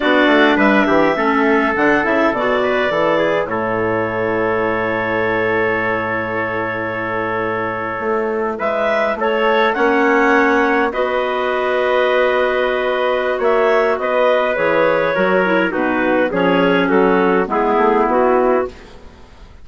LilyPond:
<<
  \new Staff \with { instrumentName = "clarinet" } { \time 4/4 \tempo 4 = 103 d''4 e''2 fis''8 e''8 | d''2 cis''2~ | cis''1~ | cis''2~ cis''8. e''4 cis''16~ |
cis''8. fis''2 dis''4~ dis''16~ | dis''2. e''4 | dis''4 cis''2 b'4 | cis''4 a'4 gis'4 fis'4 | }
  \new Staff \with { instrumentName = "trumpet" } { \time 4/4 fis'4 b'8 g'8 a'2~ | a'8 b'8 a'8 gis'8 a'2~ | a'1~ | a'2~ a'8. b'4 a'16~ |
a'8. cis''2 b'4~ b'16~ | b'2. cis''4 | b'2 ais'4 fis'4 | gis'4 fis'4 e'2 | }
  \new Staff \with { instrumentName = "clarinet" } { \time 4/4 d'2 cis'4 d'8 e'8 | fis'4 e'2.~ | e'1~ | e'1~ |
e'8. cis'2 fis'4~ fis'16~ | fis'1~ | fis'4 gis'4 fis'8 e'8 dis'4 | cis'2 b2 | }
  \new Staff \with { instrumentName = "bassoon" } { \time 4/4 b8 a8 g8 e8 a4 d8 cis8 | b,4 e4 a,2~ | a,1~ | a,4.~ a,16 a4 gis4 a16~ |
a8. ais2 b4~ b16~ | b2. ais4 | b4 e4 fis4 b,4 | f4 fis4 gis8 a8 b4 | }
>>